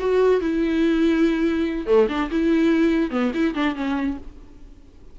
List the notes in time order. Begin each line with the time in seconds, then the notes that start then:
0.00 F#4
0.41 E4
1.87 A3
2.09 D4
2.31 E4
3.11 B3
3.35 E4
3.55 D4
3.76 C#4